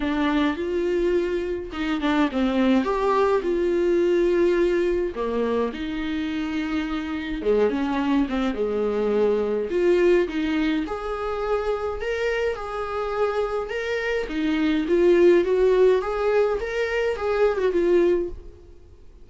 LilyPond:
\new Staff \with { instrumentName = "viola" } { \time 4/4 \tempo 4 = 105 d'4 f'2 dis'8 d'8 | c'4 g'4 f'2~ | f'4 ais4 dis'2~ | dis'4 gis8 cis'4 c'8 gis4~ |
gis4 f'4 dis'4 gis'4~ | gis'4 ais'4 gis'2 | ais'4 dis'4 f'4 fis'4 | gis'4 ais'4 gis'8. fis'16 f'4 | }